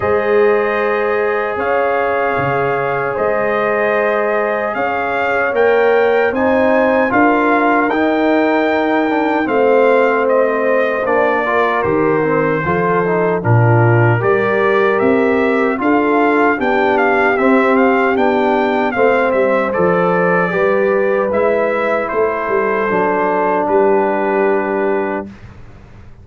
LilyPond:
<<
  \new Staff \with { instrumentName = "trumpet" } { \time 4/4 \tempo 4 = 76 dis''2 f''2 | dis''2 f''4 g''4 | gis''4 f''4 g''2 | f''4 dis''4 d''4 c''4~ |
c''4 ais'4 d''4 e''4 | f''4 g''8 f''8 e''8 f''8 g''4 | f''8 e''8 d''2 e''4 | c''2 b'2 | }
  \new Staff \with { instrumentName = "horn" } { \time 4/4 c''2 cis''2 | c''2 cis''2 | c''4 ais'2. | c''2~ c''8 ais'4. |
a'4 f'4 ais'2 | a'4 g'2. | c''2 b'2 | a'2 g'2 | }
  \new Staff \with { instrumentName = "trombone" } { \time 4/4 gis'1~ | gis'2. ais'4 | dis'4 f'4 dis'4. d'8 | c'2 d'8 f'8 g'8 c'8 |
f'8 dis'8 d'4 g'2 | f'4 d'4 c'4 d'4 | c'4 a'4 g'4 e'4~ | e'4 d'2. | }
  \new Staff \with { instrumentName = "tuba" } { \time 4/4 gis2 cis'4 cis4 | gis2 cis'4 ais4 | c'4 d'4 dis'2 | a2 ais4 dis4 |
f4 ais,4 g4 c'4 | d'4 b4 c'4 b4 | a8 g8 f4 g4 gis4 | a8 g8 fis4 g2 | }
>>